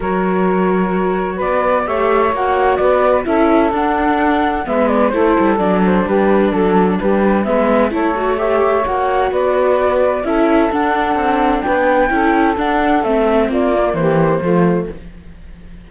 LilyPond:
<<
  \new Staff \with { instrumentName = "flute" } { \time 4/4 \tempo 4 = 129 cis''2. d''4 | e''4 fis''4 d''4 e''4 | fis''2 e''8 d''8 c''4 | d''8 c''8 b'4 a'4 b'4 |
e''4 cis''4 e''4 fis''4 | d''2 e''4 fis''4~ | fis''4 g''2 fis''4 | e''4 d''4 c''2 | }
  \new Staff \with { instrumentName = "saxophone" } { \time 4/4 ais'2. b'4 | cis''2 b'4 a'4~ | a'2 b'4 a'4~ | a'4 g'4 a'4 g'4 |
b'4 a'4 cis''2 | b'2 a'2~ | a'4 b'4 a'2~ | a'4 f'4 g'4 f'4 | }
  \new Staff \with { instrumentName = "viola" } { \time 4/4 fis'1 | g'4 fis'2 e'4 | d'2 b4 e'4 | d'1 |
b4 e'8 fis'8 g'4 fis'4~ | fis'2 e'4 d'4~ | d'2 e'4 d'4 | c'4. ais4. a4 | }
  \new Staff \with { instrumentName = "cello" } { \time 4/4 fis2. b4 | a4 ais4 b4 cis'4 | d'2 gis4 a8 g8 | fis4 g4 fis4 g4 |
gis4 a2 ais4 | b2 cis'4 d'4 | c'4 b4 cis'4 d'4 | a4 ais4 e4 f4 | }
>>